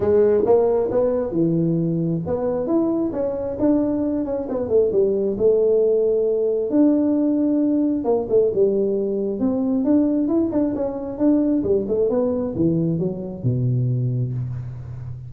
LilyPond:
\new Staff \with { instrumentName = "tuba" } { \time 4/4 \tempo 4 = 134 gis4 ais4 b4 e4~ | e4 b4 e'4 cis'4 | d'4. cis'8 b8 a8 g4 | a2. d'4~ |
d'2 ais8 a8 g4~ | g4 c'4 d'4 e'8 d'8 | cis'4 d'4 g8 a8 b4 | e4 fis4 b,2 | }